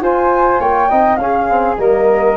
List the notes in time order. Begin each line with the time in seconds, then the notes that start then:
0.00 F4 C5 G#5
0.60 A#3 C#5 G5
0.89 C4 D#4 D#5
1.16 C#4 F5
1.22 G#4
1.49 C4
1.77 G3 A#3 A#4 D#5